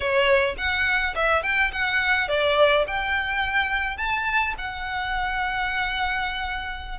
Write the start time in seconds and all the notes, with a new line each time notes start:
0.00 C#5
0.57 F#5
1.15 E5
1.43 G5
1.72 F#5
2.28 D5
2.87 G5
3.97 A5
4.57 F#5